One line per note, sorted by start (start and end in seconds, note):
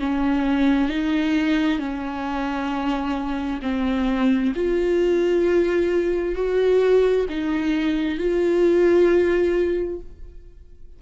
0.00 0.90 C#4
0.90 1.79 D#4
1.79 3.61 C#4
3.62 4.53 C4
4.56 6.36 F4
6.36 7.26 F#4
7.30 8.19 D#4
8.19 10.00 F4